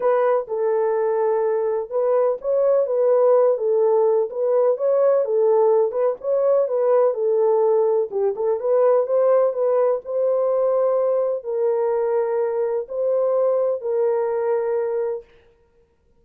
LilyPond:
\new Staff \with { instrumentName = "horn" } { \time 4/4 \tempo 4 = 126 b'4 a'2. | b'4 cis''4 b'4. a'8~ | a'4 b'4 cis''4 a'4~ | a'8 b'8 cis''4 b'4 a'4~ |
a'4 g'8 a'8 b'4 c''4 | b'4 c''2. | ais'2. c''4~ | c''4 ais'2. | }